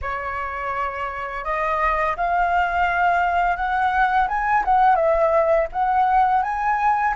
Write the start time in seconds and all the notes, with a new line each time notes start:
0.01 C#5
1.44 D#5
2.16 F5
3.56 F#5
4.28 G#5
4.64 F#5
4.95 E5
5.72 F#5
6.43 G#5